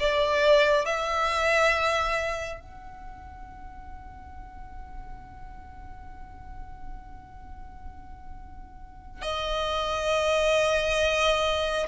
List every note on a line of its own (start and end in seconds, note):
0.00 0.85 D5
0.85 2.60 E5
2.60 9.22 F#5
9.22 11.87 D#5